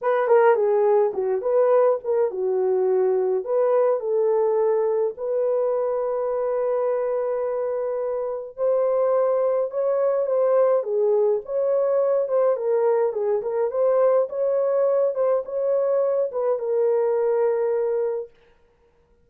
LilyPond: \new Staff \with { instrumentName = "horn" } { \time 4/4 \tempo 4 = 105 b'8 ais'8 gis'4 fis'8 b'4 ais'8 | fis'2 b'4 a'4~ | a'4 b'2.~ | b'2. c''4~ |
c''4 cis''4 c''4 gis'4 | cis''4. c''8 ais'4 gis'8 ais'8 | c''4 cis''4. c''8 cis''4~ | cis''8 b'8 ais'2. | }